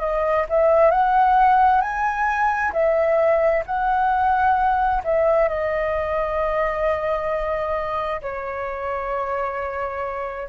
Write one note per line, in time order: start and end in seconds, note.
0.00 0.45 D#5
0.49 0.91 E5
0.91 1.81 F#5
1.81 2.72 G#5
2.73 3.64 E5
3.66 5.02 F#5
5.04 5.48 E5
5.48 8.21 D#5
8.21 10.48 C#5